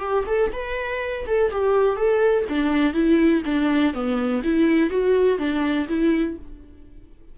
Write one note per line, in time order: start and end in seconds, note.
0.00 0.24 G4
0.27 0.51 A4
0.53 1.26 B4
1.27 1.52 A4
1.52 1.96 G4
1.96 2.45 A4
2.49 2.94 D4
2.94 3.43 E4
3.46 3.94 D4
3.94 4.43 B3
4.44 4.90 E4
4.90 5.39 F#4
5.39 5.87 D4
5.89 6.37 E4